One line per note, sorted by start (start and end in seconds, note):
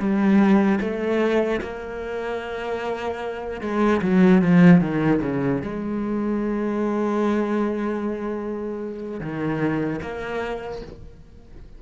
0.00 0.80 G3
0.81 1.61 A3
1.62 3.61 A#3
3.61 4.01 G#3
4.02 4.42 F#3
4.42 4.81 F3
4.81 5.21 D#3
5.22 5.62 C#3
5.62 9.21 G#3
9.21 10.01 D#3
10.02 10.82 A#3